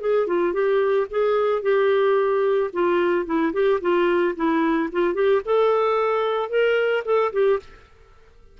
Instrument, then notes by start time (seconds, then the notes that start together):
clarinet
0.00 G#4
0.27 F4
0.53 G4
1.10 G#4
1.62 G4
2.72 F4
3.25 E4
3.53 G4
3.80 F4
4.36 E4
4.92 F4
5.14 G4
5.44 A4
6.49 A#4
7.05 A4
7.32 G4